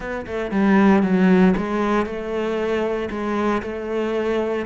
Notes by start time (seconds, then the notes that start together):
0.00 B3
0.26 A3
0.51 G3
1.02 F#3
1.57 G#3
2.05 A3
3.10 G#3
3.62 A3